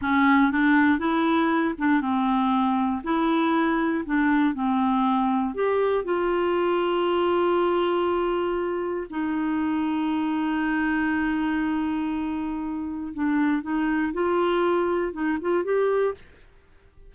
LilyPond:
\new Staff \with { instrumentName = "clarinet" } { \time 4/4 \tempo 4 = 119 cis'4 d'4 e'4. d'8 | c'2 e'2 | d'4 c'2 g'4 | f'1~ |
f'2 dis'2~ | dis'1~ | dis'2 d'4 dis'4 | f'2 dis'8 f'8 g'4 | }